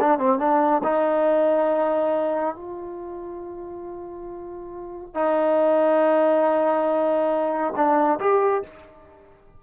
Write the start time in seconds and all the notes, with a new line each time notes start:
0.00 D4
0.19 C4
0.39 D4
0.84 D#4
2.55 F4
5.14 D#4
7.76 D4
8.20 G4